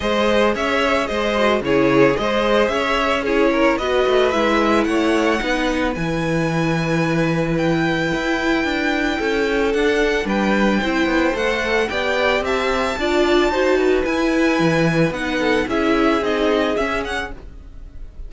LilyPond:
<<
  \new Staff \with { instrumentName = "violin" } { \time 4/4 \tempo 4 = 111 dis''4 e''4 dis''4 cis''4 | dis''4 e''4 cis''4 dis''4 | e''4 fis''2 gis''4~ | gis''2 g''2~ |
g''2 fis''4 g''4~ | g''4 fis''4 g''4 a''4~ | a''2 gis''2 | fis''4 e''4 dis''4 e''8 fis''8 | }
  \new Staff \with { instrumentName = "violin" } { \time 4/4 c''4 cis''4 c''4 gis'4 | c''4 cis''4 gis'8 ais'8 b'4~ | b'4 cis''4 b'2~ | b'1~ |
b'4 a'2 b'4 | c''2 d''4 e''4 | d''4 c''8 b'2~ b'8~ | b'8 a'8 gis'2. | }
  \new Staff \with { instrumentName = "viola" } { \time 4/4 gis'2~ gis'8 fis'8 e'4 | gis'2 e'4 fis'4 | e'2 dis'4 e'4~ | e'1~ |
e'2 d'2 | e'4 a'4 g'2 | f'4 fis'4 e'2 | dis'4 e'4 dis'4 cis'4 | }
  \new Staff \with { instrumentName = "cello" } { \time 4/4 gis4 cis'4 gis4 cis4 | gis4 cis'2 b8 a8 | gis4 a4 b4 e4~ | e2. e'4 |
d'4 cis'4 d'4 g4 | c'8 b8 a4 b4 c'4 | d'4 dis'4 e'4 e4 | b4 cis'4 c'4 cis'4 | }
>>